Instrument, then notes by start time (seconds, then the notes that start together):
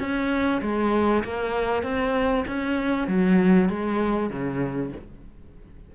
cello
0.00 C#4
0.62 G#3
1.25 A#3
1.83 C4
2.48 C#4
3.08 F#3
3.70 G#3
4.30 C#3